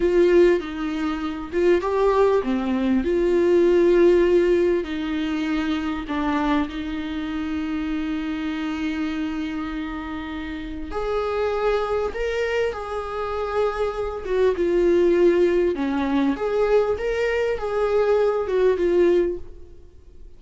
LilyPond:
\new Staff \with { instrumentName = "viola" } { \time 4/4 \tempo 4 = 99 f'4 dis'4. f'8 g'4 | c'4 f'2. | dis'2 d'4 dis'4~ | dis'1~ |
dis'2 gis'2 | ais'4 gis'2~ gis'8 fis'8 | f'2 cis'4 gis'4 | ais'4 gis'4. fis'8 f'4 | }